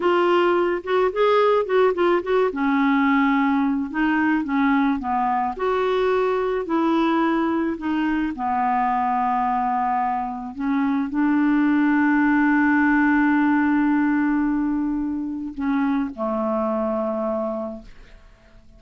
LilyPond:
\new Staff \with { instrumentName = "clarinet" } { \time 4/4 \tempo 4 = 108 f'4. fis'8 gis'4 fis'8 f'8 | fis'8 cis'2~ cis'8 dis'4 | cis'4 b4 fis'2 | e'2 dis'4 b4~ |
b2. cis'4 | d'1~ | d'1 | cis'4 a2. | }